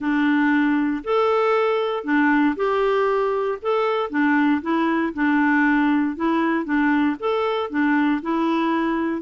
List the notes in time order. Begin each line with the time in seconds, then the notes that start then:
0.00 D4
1.03 A4
2.03 D4
2.55 G4
3.62 A4
4.10 D4
4.61 E4
5.13 D4
6.15 E4
6.64 D4
7.19 A4
7.69 D4
8.21 E4